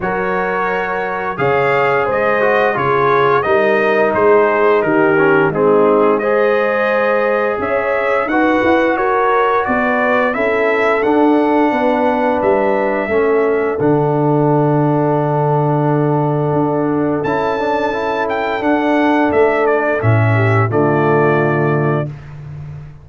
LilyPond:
<<
  \new Staff \with { instrumentName = "trumpet" } { \time 4/4 \tempo 4 = 87 cis''2 f''4 dis''4 | cis''4 dis''4 c''4 ais'4 | gis'4 dis''2 e''4 | fis''4 cis''4 d''4 e''4 |
fis''2 e''2 | fis''1~ | fis''4 a''4. g''8 fis''4 | e''8 d''8 e''4 d''2 | }
  \new Staff \with { instrumentName = "horn" } { \time 4/4 ais'2 cis''4 c''4 | gis'4 ais'4 gis'4 g'4 | dis'4 c''2 cis''4 | b'4 ais'4 b'4 a'4~ |
a'4 b'2 a'4~ | a'1~ | a'1~ | a'4. g'8 f'2 | }
  \new Staff \with { instrumentName = "trombone" } { \time 4/4 fis'2 gis'4. fis'8 | f'4 dis'2~ dis'8 cis'8 | c'4 gis'2. | fis'2. e'4 |
d'2. cis'4 | d'1~ | d'4 e'8 d'8 e'4 d'4~ | d'4 cis'4 a2 | }
  \new Staff \with { instrumentName = "tuba" } { \time 4/4 fis2 cis4 gis4 | cis4 g4 gis4 dis4 | gis2. cis'4 | dis'8 e'8 fis'4 b4 cis'4 |
d'4 b4 g4 a4 | d1 | d'4 cis'2 d'4 | a4 a,4 d2 | }
>>